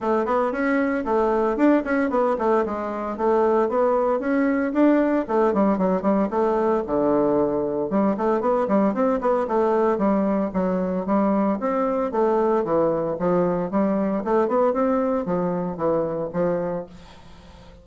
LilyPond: \new Staff \with { instrumentName = "bassoon" } { \time 4/4 \tempo 4 = 114 a8 b8 cis'4 a4 d'8 cis'8 | b8 a8 gis4 a4 b4 | cis'4 d'4 a8 g8 fis8 g8 | a4 d2 g8 a8 |
b8 g8 c'8 b8 a4 g4 | fis4 g4 c'4 a4 | e4 f4 g4 a8 b8 | c'4 f4 e4 f4 | }